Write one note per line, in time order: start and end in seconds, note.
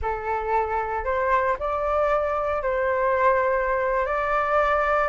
0.02 1.04 A4
1.04 1.56 C5
1.59 2.62 D5
2.62 4.06 C5
4.06 5.08 D5